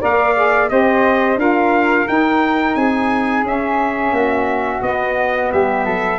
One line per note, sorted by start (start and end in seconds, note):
0.00 0.70 A#3
0.00 0.34 A#4
0.00 0.70 D5
0.00 0.69 F5
0.35 0.68 G#4
0.68 1.36 C4
0.68 1.37 G4
0.68 1.40 C5
0.68 1.38 D#5
1.36 2.05 D4
1.36 2.06 F4
1.36 2.77 A#4
1.36 2.08 F5
2.07 3.44 D#4
2.07 2.75 D#4
2.07 2.75 G5
2.75 3.43 C4
2.75 4.15 G#4
2.75 3.44 G#5
3.43 4.12 C#4
3.43 4.81 C#4
3.43 4.82 E5
4.12 4.81 A#3
4.12 5.53 F#4
4.81 5.50 B3
4.81 6.19 B3
4.81 5.51 D#5
5.52 5.85 G3
5.52 5.85 G4
5.52 6.19 E5
5.85 6.19 F#3
5.85 6.19 A4